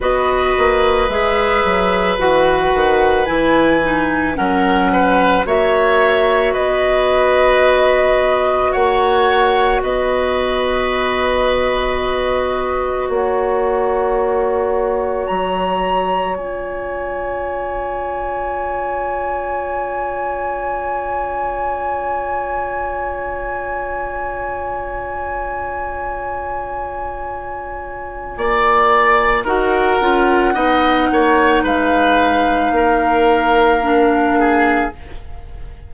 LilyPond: <<
  \new Staff \with { instrumentName = "flute" } { \time 4/4 \tempo 4 = 55 dis''4 e''4 fis''4 gis''4 | fis''4 e''4 dis''2 | fis''4 dis''2. | fis''2 ais''4 gis''4~ |
gis''1~ | gis''1~ | gis''2. fis''4~ | fis''4 f''2. | }
  \new Staff \with { instrumentName = "oboe" } { \time 4/4 b'1 | ais'8 b'8 cis''4 b'2 | cis''4 b'2. | cis''1~ |
cis''1~ | cis''1~ | cis''2 d''4 ais'4 | dis''8 cis''8 b'4 ais'4. gis'8 | }
  \new Staff \with { instrumentName = "clarinet" } { \time 4/4 fis'4 gis'4 fis'4 e'8 dis'8 | cis'4 fis'2.~ | fis'1~ | fis'2. f'4~ |
f'1~ | f'1~ | f'2. fis'8 f'8 | dis'2. d'4 | }
  \new Staff \with { instrumentName = "bassoon" } { \time 4/4 b8 ais8 gis8 fis8 e8 dis8 e4 | fis4 ais4 b2 | ais4 b2. | ais2 fis4 cis'4~ |
cis'1~ | cis'1~ | cis'2 ais4 dis'8 cis'8 | b8 ais8 gis4 ais2 | }
>>